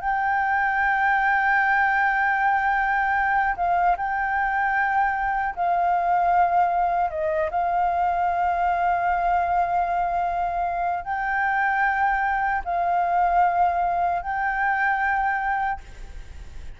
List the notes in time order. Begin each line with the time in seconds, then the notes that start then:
0.00 G5
3.56 F5
3.97 G5
5.55 F5
7.10 D#5
7.50 F5
11.04 G5
12.64 F5
14.22 G5